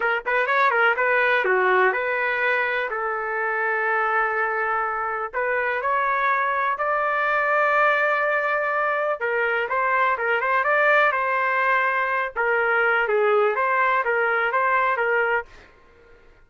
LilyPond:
\new Staff \with { instrumentName = "trumpet" } { \time 4/4 \tempo 4 = 124 ais'8 b'8 cis''8 ais'8 b'4 fis'4 | b'2 a'2~ | a'2. b'4 | cis''2 d''2~ |
d''2. ais'4 | c''4 ais'8 c''8 d''4 c''4~ | c''4. ais'4. gis'4 | c''4 ais'4 c''4 ais'4 | }